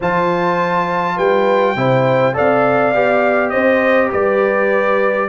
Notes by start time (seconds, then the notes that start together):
0.00 F3 F4 C5 A5
1.16 G3 B4 G5
1.76 C3 E4 C5
2.33 C4 A4 D5 F5
2.94 B3 G4
3.49 C4 C5 D#5
4.11 G3 B4 D5